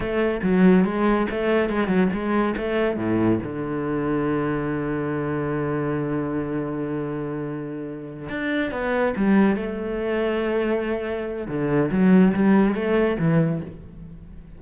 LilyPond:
\new Staff \with { instrumentName = "cello" } { \time 4/4 \tempo 4 = 141 a4 fis4 gis4 a4 | gis8 fis8 gis4 a4 a,4 | d1~ | d1~ |
d2.~ d8 d'8~ | d'8 b4 g4 a4.~ | a2. d4 | fis4 g4 a4 e4 | }